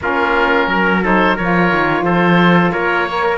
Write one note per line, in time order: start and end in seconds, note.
0.01 0.67 A#3
0.01 1.03 C#4
0.01 0.69 F4
0.01 1.04 A#4
0.67 1.35 F#3
0.67 1.02 A#4
1.02 1.37 D#4
1.02 1.34 A4
1.02 1.37 C5
1.34 1.71 F3
1.34 3.08 F4
1.34 2.02 A#4
1.34 2.05 C#5
1.71 2.02 D#3
2.02 2.70 F3
2.02 2.72 A4
2.02 2.71 C5
2.71 3.38 A#3
2.71 3.06 A#4
2.71 3.38 C#5
3.06 3.38 A#4
3.06 3.23 C#5
3.23 3.38 A#4